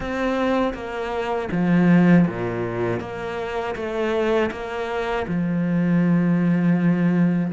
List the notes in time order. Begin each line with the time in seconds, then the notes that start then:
0.00 C4
0.74 A#3
1.51 F3
2.27 A#2
3.00 A#3
3.75 A3
4.51 A#3
5.27 F3